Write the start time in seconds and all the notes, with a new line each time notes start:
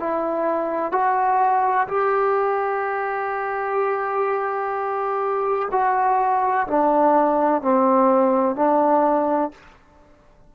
0.00 E4
0.93 F#4
1.88 G4
5.72 F#4
6.68 D4
7.62 C4
8.56 D4